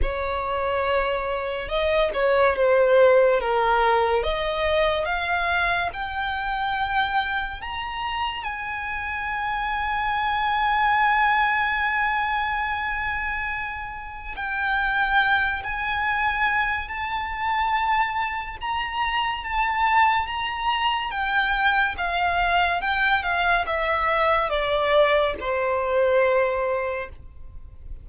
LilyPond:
\new Staff \with { instrumentName = "violin" } { \time 4/4 \tempo 4 = 71 cis''2 dis''8 cis''8 c''4 | ais'4 dis''4 f''4 g''4~ | g''4 ais''4 gis''2~ | gis''1~ |
gis''4 g''4. gis''4. | a''2 ais''4 a''4 | ais''4 g''4 f''4 g''8 f''8 | e''4 d''4 c''2 | }